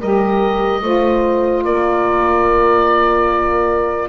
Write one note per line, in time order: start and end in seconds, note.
0.00 0.82 G3
0.00 0.81 G4
0.00 0.82 A#4
0.00 1.64 D#5
0.81 1.64 A3
0.81 4.09 F4
0.81 1.64 C5
1.64 4.09 A#3
1.64 4.09 A#4
1.64 4.09 D5